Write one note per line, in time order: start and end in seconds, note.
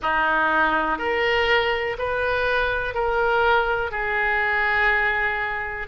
0.02 0.98 D#4
0.98 1.96 A#4
1.98 2.94 B4
2.94 3.91 A#4
3.91 5.87 G#4